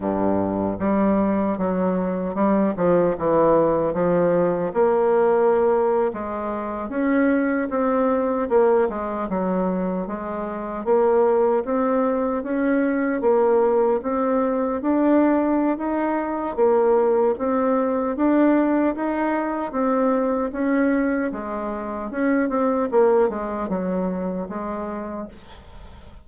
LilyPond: \new Staff \with { instrumentName = "bassoon" } { \time 4/4 \tempo 4 = 76 g,4 g4 fis4 g8 f8 | e4 f4 ais4.~ ais16 gis16~ | gis8. cis'4 c'4 ais8 gis8 fis16~ | fis8. gis4 ais4 c'4 cis'16~ |
cis'8. ais4 c'4 d'4~ d'16 | dis'4 ais4 c'4 d'4 | dis'4 c'4 cis'4 gis4 | cis'8 c'8 ais8 gis8 fis4 gis4 | }